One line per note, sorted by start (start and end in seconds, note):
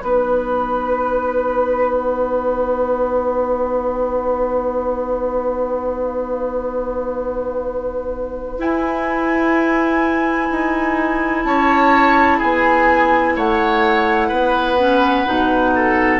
0.00 8.58 B3
0.00 8.58 D#4
0.00 11.43 B4
0.00 1.94 B4
1.94 8.60 F#5
8.58 10.49 E4
8.58 14.77 E4
8.58 11.44 G#5
10.51 11.45 D#4
11.44 12.40 C#4
11.44 12.38 C#5
11.44 12.39 A5
12.38 13.37 B3
12.38 13.33 G#4
12.38 13.37 G#5
13.36 14.31 A3
13.36 14.28 C#5
13.36 16.20 F#5
14.28 15.26 B3
14.28 15.71 B4
14.79 15.26 C#4
15.26 16.20 B2
15.26 16.20 D#4
15.75 16.20 A4